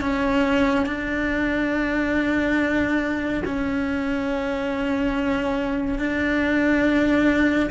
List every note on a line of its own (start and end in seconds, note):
0.00 0.86 C#4
0.86 3.43 D4
3.45 5.98 C#4
5.98 7.70 D4